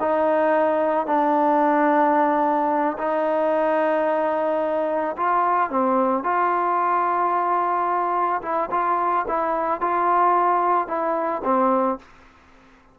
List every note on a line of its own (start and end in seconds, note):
0.00 1.06 D#4
1.06 2.97 D4
2.98 5.16 D#4
5.17 5.70 F4
5.70 6.24 C4
6.24 8.42 F4
8.42 8.70 E4
8.71 9.26 F4
9.28 9.81 E4
9.81 10.88 F4
10.88 11.42 E4
11.44 11.99 C4